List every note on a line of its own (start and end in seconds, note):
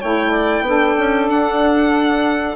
0.00 0.61 A3
0.00 0.65 E4
0.00 0.31 C#5
0.00 1.29 G5
0.31 0.63 D5
0.61 0.93 B3
0.61 2.56 D4
0.61 2.56 A4
0.98 1.28 C#4
1.28 2.56 D4
1.28 2.56 F#5